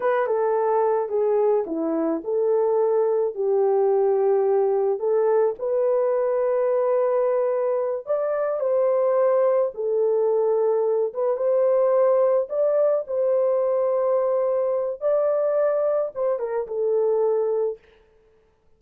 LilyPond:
\new Staff \with { instrumentName = "horn" } { \time 4/4 \tempo 4 = 108 b'8 a'4. gis'4 e'4 | a'2 g'2~ | g'4 a'4 b'2~ | b'2~ b'8 d''4 c''8~ |
c''4. a'2~ a'8 | b'8 c''2 d''4 c''8~ | c''2. d''4~ | d''4 c''8 ais'8 a'2 | }